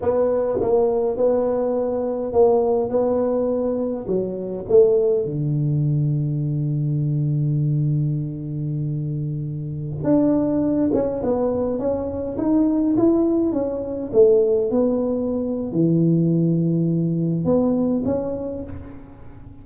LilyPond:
\new Staff \with { instrumentName = "tuba" } { \time 4/4 \tempo 4 = 103 b4 ais4 b2 | ais4 b2 fis4 | a4 d2.~ | d1~ |
d4~ d16 d'4. cis'8 b8.~ | b16 cis'4 dis'4 e'4 cis'8.~ | cis'16 a4 b4.~ b16 e4~ | e2 b4 cis'4 | }